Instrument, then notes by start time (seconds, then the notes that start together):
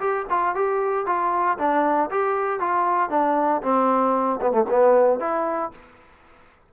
trombone
0.00 G4
0.30 F4
0.55 G4
1.06 F4
1.58 D4
2.11 G4
2.60 F4
3.10 D4
3.63 C4
4.42 B3
4.52 A3
4.70 B3
5.20 E4